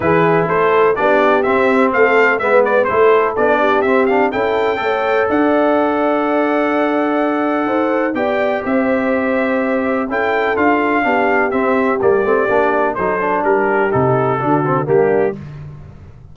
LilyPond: <<
  \new Staff \with { instrumentName = "trumpet" } { \time 4/4 \tempo 4 = 125 b'4 c''4 d''4 e''4 | f''4 e''8 d''8 c''4 d''4 | e''8 f''8 g''2 fis''4~ | fis''1~ |
fis''4 g''4 e''2~ | e''4 g''4 f''2 | e''4 d''2 c''4 | ais'4 a'2 g'4 | }
  \new Staff \with { instrumentName = "horn" } { \time 4/4 gis'4 a'4 g'2 | a'4 b'4 a'4. g'8~ | g'4 a'4 cis''4 d''4~ | d''1 |
c''4 d''4 c''2~ | c''4 a'2 g'4~ | g'2. a'4 | g'2 fis'4 d'4 | }
  \new Staff \with { instrumentName = "trombone" } { \time 4/4 e'2 d'4 c'4~ | c'4 b4 e'4 d'4 | c'8 d'8 e'4 a'2~ | a'1~ |
a'4 g'2.~ | g'4 e'4 f'4 d'4 | c'4 ais8 c'8 d'4 dis'8 d'8~ | d'4 dis'4 d'8 c'8 ais4 | }
  \new Staff \with { instrumentName = "tuba" } { \time 4/4 e4 a4 b4 c'4 | a4 gis4 a4 b4 | c'4 cis'4 a4 d'4~ | d'1 |
dis'4 b4 c'2~ | c'4 cis'4 d'4 b4 | c'4 g8 a8 ais4 fis4 | g4 c4 d4 g4 | }
>>